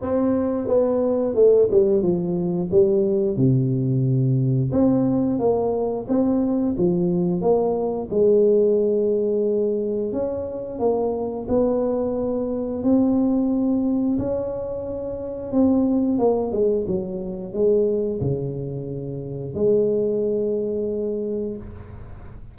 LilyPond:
\new Staff \with { instrumentName = "tuba" } { \time 4/4 \tempo 4 = 89 c'4 b4 a8 g8 f4 | g4 c2 c'4 | ais4 c'4 f4 ais4 | gis2. cis'4 |
ais4 b2 c'4~ | c'4 cis'2 c'4 | ais8 gis8 fis4 gis4 cis4~ | cis4 gis2. | }